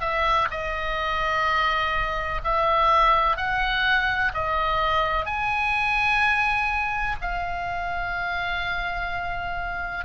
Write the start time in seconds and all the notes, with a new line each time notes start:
0.00 E5
0.51 D#5
2.44 E5
3.37 F#5
4.34 D#5
5.26 G#5
7.21 F5